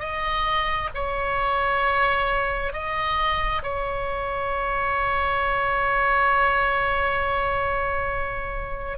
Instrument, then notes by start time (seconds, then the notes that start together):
oboe
0.00 D#5
0.95 C#5
2.73 D#5
3.63 C#5